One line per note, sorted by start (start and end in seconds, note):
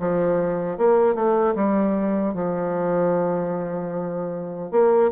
0.00 0.78 F3
0.78 1.15 A#3
1.15 1.55 A3
1.55 2.34 G3
2.34 4.71 F3
4.72 5.11 A#3